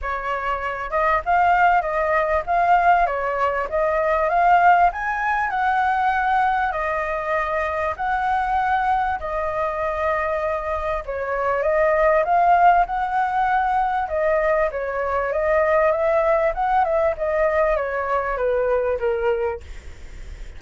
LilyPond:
\new Staff \with { instrumentName = "flute" } { \time 4/4 \tempo 4 = 98 cis''4. dis''8 f''4 dis''4 | f''4 cis''4 dis''4 f''4 | gis''4 fis''2 dis''4~ | dis''4 fis''2 dis''4~ |
dis''2 cis''4 dis''4 | f''4 fis''2 dis''4 | cis''4 dis''4 e''4 fis''8 e''8 | dis''4 cis''4 b'4 ais'4 | }